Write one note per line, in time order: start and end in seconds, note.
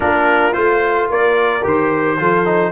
0.00 0.55 A#3
0.00 0.52 D4
0.00 1.09 F4
0.00 0.53 A#4
0.52 1.09 A3
0.52 1.61 F4
0.52 1.08 C5
1.09 1.64 A#3
1.09 2.18 A#4
1.09 1.65 D5
1.63 2.19 D#3
1.63 2.17 G4
1.63 2.71 C5
2.18 2.71 F3
2.18 2.45 F4
2.18 2.71 A4
2.45 2.71 D#4